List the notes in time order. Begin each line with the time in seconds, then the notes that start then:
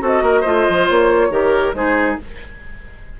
0.00 C4 F#4 A4 D#5
0.21 A#3 A#4
0.40 A3 F4 C5
0.69 F3
0.88 A#3 C#5
1.30 D#3 G4 A#4
1.73 G#3 D#4 G#4 C5